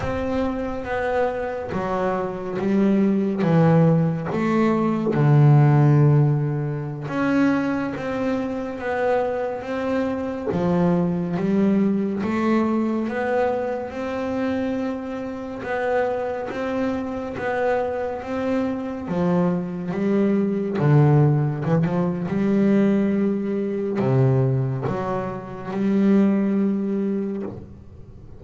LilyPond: \new Staff \with { instrumentName = "double bass" } { \time 4/4 \tempo 4 = 70 c'4 b4 fis4 g4 | e4 a4 d2~ | d16 cis'4 c'4 b4 c'8.~ | c'16 f4 g4 a4 b8.~ |
b16 c'2 b4 c'8.~ | c'16 b4 c'4 f4 g8.~ | g16 d4 e16 f8 g2 | c4 fis4 g2 | }